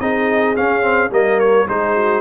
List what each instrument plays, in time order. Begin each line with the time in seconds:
0.00 tuba C4, trombone D#4, horn G#4, trumpet D#5
0.56 trombone C#4, tuba C#4, trumpet F5
0.82 trombone C4
1.11 tuba G3, trombone A#3, horn A#4, trumpet D#5
1.40 trumpet C#5
1.68 tuba G#3, trombone D#4, horn G#4, trumpet C5
1.96 horn F#4